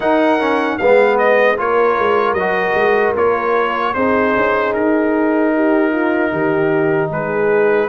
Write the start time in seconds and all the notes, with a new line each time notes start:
0.00 D#4 A#4 F#5
0.39 C#4
0.77 G#3 B3 B4 F5
1.17 D#5
1.57 A#3 F4 A#4 C#5
1.98 G#3
2.33 F#3 D#5
2.39 F#4
2.74 G#3
3.15 A#3 F4 C#5
3.94 C4 D#4 G#4 C5
4.36 C#4
4.73 D#4 A#4
5.55 G4
5.91 F4
6.31 D#3 G4
7.09 G#3 G#4 B4